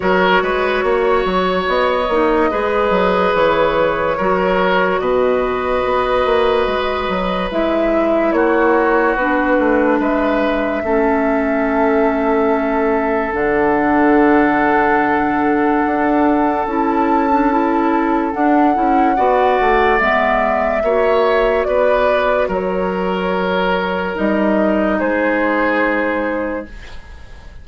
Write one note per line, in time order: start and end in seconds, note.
0.00 0.42 F#3
0.00 2.04 F#4
0.00 0.42 A#4
0.00 1.64 C#5
0.42 0.83 G#3
0.42 0.84 B4
0.83 1.24 A#3
0.83 2.51 C#5
1.25 1.67 F#3
1.67 2.08 B3
1.67 3.34 D#5
2.08 2.50 A#3
2.08 2.50 D#4
2.50 2.90 G#3
2.50 4.17 G#4
2.50 4.17 B4
2.90 3.31 F#3
3.34 4.17 E3
3.34 4.99 C#5
4.17 4.99 F#3
4.17 7.51 F#4
4.17 5.00 A#4
4.99 5.82 B2
4.99 8.34 B4
4.99 7.49 D#5
5.85 6.25 B3
6.25 6.66 A#3
6.66 7.08 G#3
7.08 7.50 F#3
7.51 8.32 G#3
7.51 9.17 E4
7.51 8.32 E5
8.32 9.15 A#3
8.32 9.99 F#4
8.32 9.15 C#5
9.15 9.57 B3
9.15 10.84 D4
9.15 9.99 B4
9.58 9.99 A3
9.99 10.83 G#3
9.99 10.82 B4
9.99 13.34 E5
10.83 13.33 A3
10.83 13.32 C#4
10.83 19.16 A4
13.32 15.83 D3
13.32 16.65 D4
13.32 16.68 F#5
15.85 16.66 D4
16.66 18.33 C#4
16.66 17.30 E4
16.66 18.32 A5
17.31 17.51 D4
17.51 18.31 E4
18.31 18.73 D4
18.31 18.76 D4
18.31 19.98 F#5
18.74 19.17 C#4
18.74 19.15 E4
19.16 19.59 B3
19.16 19.99 F#4
19.16 20.82 D5
19.60 20.00 A3
19.98 20.83 G#3
19.98 20.82 B3
19.98 21.64 E5
20.82 21.66 A#3
20.82 24.15 F#4
20.82 21.67 C#5
21.64 22.48 B3
21.64 22.48 B4
21.64 22.47 D5
22.48 24.15 F#3
22.48 24.98 A#4
22.48 24.16 C#5
24.15 25.01 G3
24.15 26.65 D#4
24.15 24.99 D#5
24.98 26.67 G#3
24.98 26.65 G#4
24.98 26.66 C5